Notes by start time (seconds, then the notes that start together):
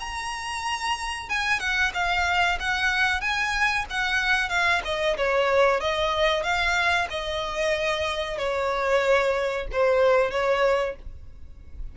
0.00 A#5
1.29 G#5
1.59 F#5
1.94 F5
2.60 F#5
3.21 G#5
3.90 F#5
4.49 F5
4.84 D#5
5.17 C#5
5.80 D#5
6.43 F5
7.10 D#5
8.38 C#5
9.72 C5
10.31 C#5